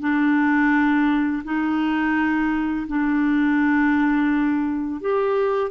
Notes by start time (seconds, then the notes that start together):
0.00 D4
1.44 D#4
2.88 D4
5.01 G4